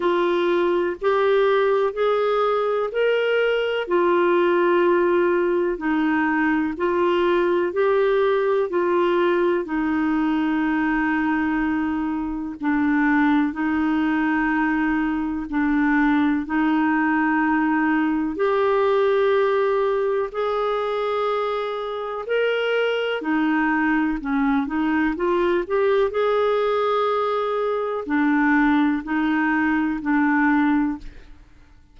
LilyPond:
\new Staff \with { instrumentName = "clarinet" } { \time 4/4 \tempo 4 = 62 f'4 g'4 gis'4 ais'4 | f'2 dis'4 f'4 | g'4 f'4 dis'2~ | dis'4 d'4 dis'2 |
d'4 dis'2 g'4~ | g'4 gis'2 ais'4 | dis'4 cis'8 dis'8 f'8 g'8 gis'4~ | gis'4 d'4 dis'4 d'4 | }